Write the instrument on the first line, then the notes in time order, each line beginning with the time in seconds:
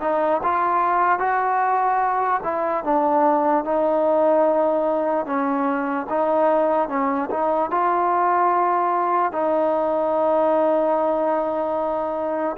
trombone
0.00 D#4
0.42 F4
1.19 F#4
2.43 E4
2.84 D4
3.64 D#4
5.25 C#4
6.09 D#4
6.88 C#4
7.30 D#4
7.70 F4
9.32 D#4